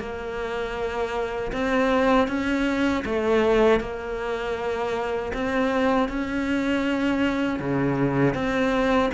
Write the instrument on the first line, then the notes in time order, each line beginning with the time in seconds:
cello
0.00 A#3
1.52 C4
2.28 C#4
3.05 A3
3.80 A#3
5.33 C4
6.09 C#4
7.59 C#3
8.34 C4